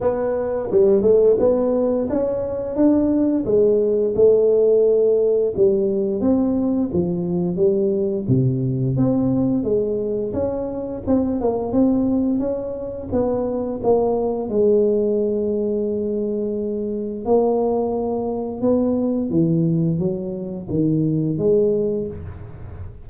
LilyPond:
\new Staff \with { instrumentName = "tuba" } { \time 4/4 \tempo 4 = 87 b4 g8 a8 b4 cis'4 | d'4 gis4 a2 | g4 c'4 f4 g4 | c4 c'4 gis4 cis'4 |
c'8 ais8 c'4 cis'4 b4 | ais4 gis2.~ | gis4 ais2 b4 | e4 fis4 dis4 gis4 | }